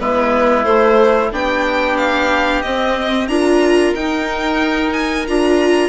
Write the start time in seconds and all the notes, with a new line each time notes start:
0.00 G#3 B3 E4 B4
0.65 A3 C5
1.33 B3 D4 G4 G5
1.97 F5
2.62 C4 D#5
3.28 D4 F4 A#4 A#5
3.95 D#4 G5
4.93 G#5
5.28 D4 F4 A#5